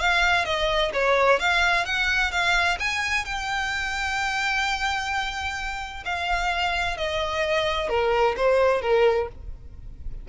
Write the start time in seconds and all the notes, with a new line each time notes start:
0.00 F5
0.45 D#5
0.94 C#5
1.40 F5
1.86 F#5
2.32 F5
2.80 G#5
3.25 G5
6.05 F5
6.98 D#5
7.89 A#4
8.37 C5
8.82 A#4